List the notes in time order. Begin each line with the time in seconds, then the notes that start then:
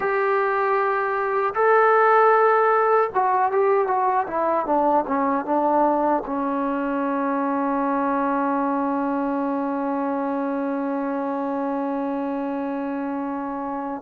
0.00 G4
1.54 A4
3.14 F#4
3.51 G4
3.87 F#4
4.26 E4
4.65 D4
5.06 C#4
5.45 D4
6.26 C#4